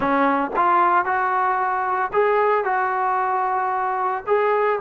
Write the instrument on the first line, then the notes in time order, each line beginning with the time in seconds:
trombone
0.00 C#4
0.56 F4
1.05 F#4
2.12 G#4
2.64 F#4
4.26 G#4